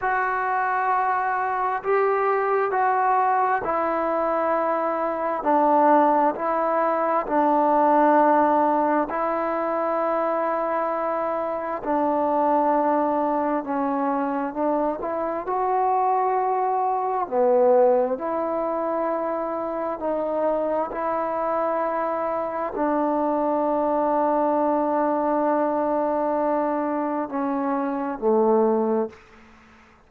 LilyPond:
\new Staff \with { instrumentName = "trombone" } { \time 4/4 \tempo 4 = 66 fis'2 g'4 fis'4 | e'2 d'4 e'4 | d'2 e'2~ | e'4 d'2 cis'4 |
d'8 e'8 fis'2 b4 | e'2 dis'4 e'4~ | e'4 d'2.~ | d'2 cis'4 a4 | }